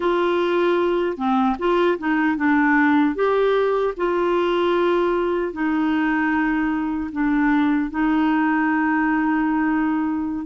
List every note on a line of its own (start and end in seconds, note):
0.00 1.17 F4
1.17 1.56 C4
1.58 1.98 F4
1.98 2.36 D#4
2.36 3.15 D4
3.15 3.94 G4
3.96 5.52 F4
5.52 7.10 D#4
7.12 7.90 D4
7.90 10.45 D#4